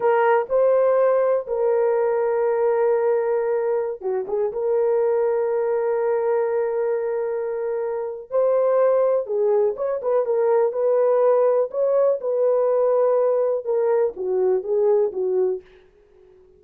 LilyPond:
\new Staff \with { instrumentName = "horn" } { \time 4/4 \tempo 4 = 123 ais'4 c''2 ais'4~ | ais'1~ | ais'16 fis'8 gis'8 ais'2~ ais'8.~ | ais'1~ |
ais'4 c''2 gis'4 | cis''8 b'8 ais'4 b'2 | cis''4 b'2. | ais'4 fis'4 gis'4 fis'4 | }